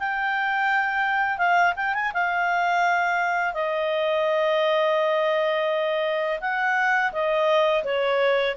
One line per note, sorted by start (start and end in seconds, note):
0.00 1.38 G5
1.38 1.74 F5
1.77 1.94 G5
1.95 2.13 G#5
2.14 3.54 F5
3.54 6.40 D#5
6.41 7.13 F#5
7.13 7.84 D#5
7.84 8.56 C#5